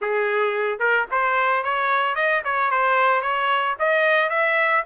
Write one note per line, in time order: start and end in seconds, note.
0.01 0.79 G#4
0.79 1.06 A#4
1.11 1.63 C5
1.63 2.15 C#5
2.15 2.42 D#5
2.44 2.70 C#5
2.70 3.21 C5
3.21 3.75 C#5
3.79 4.29 D#5
4.29 4.83 E5